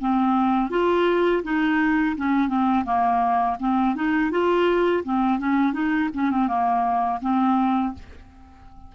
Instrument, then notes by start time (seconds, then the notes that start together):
clarinet
0.00 C4
0.70 F4
1.43 D#4
2.16 C#4
2.48 C4
2.85 A#3
3.59 C4
3.95 D#4
4.31 F4
5.04 C4
5.39 C#4
5.73 D#4
6.13 C#4
6.30 C4
6.48 A#3
7.21 C4